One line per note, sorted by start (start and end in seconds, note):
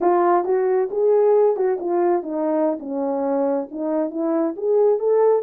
0.00 0.44 F4
0.44 0.89 F#4
0.90 1.56 G#4
1.56 1.78 F#4
1.80 2.22 F4
2.22 2.78 D#4
2.79 3.68 C#4
3.71 4.10 D#4
4.10 4.54 E4
4.56 4.99 G#4
4.99 5.42 A4